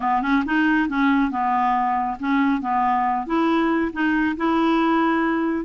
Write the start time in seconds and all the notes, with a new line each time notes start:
0.00 B3
0.22 C#4
0.45 D#4
0.89 C#4
1.30 B3
2.19 C#4
2.61 B3
3.26 E4
3.92 D#4
4.37 E4